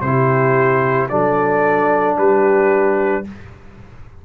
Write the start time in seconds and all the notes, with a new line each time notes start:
0.00 C3 E4 G4 C5
1.08 F#3 D4 A4 D5
2.17 G3 G4 B4